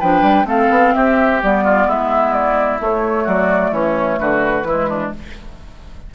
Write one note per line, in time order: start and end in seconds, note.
0.00 0.22 F3
0.00 0.45 D4
0.00 0.47 B4
0.00 0.47 G5
0.22 0.45 G3
0.45 0.68 A3
0.45 1.38 C4
0.45 0.94 A4
0.45 0.94 F5
0.70 0.94 B3
0.94 1.43 C4
0.94 1.64 G4
0.94 1.41 E5
1.43 1.87 G3
1.43 2.79 B3
1.43 1.90 D5
1.64 1.87 F4
1.87 2.80 G#3
1.87 3.24 E4
1.87 2.33 E5
2.33 2.79 D5
2.79 4.65 A3
2.79 3.27 A3
2.79 3.28 C#5
3.24 3.72 F#3
3.24 3.70 F#4
3.24 3.74 D5
3.72 4.19 E3
3.72 4.19 C#4
3.72 4.19 C#5
4.19 4.64 D3
4.19 4.67 F#4
4.19 5.12 B4
4.64 5.10 E3
4.64 5.15 G#3
4.64 4.89 E4
4.89 5.13 D4